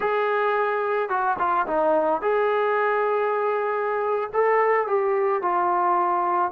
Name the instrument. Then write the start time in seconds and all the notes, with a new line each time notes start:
trombone
0.00 G#4
1.09 F#4
1.38 F4
1.66 D#4
2.21 G#4
4.33 A4
4.87 G4
5.42 F4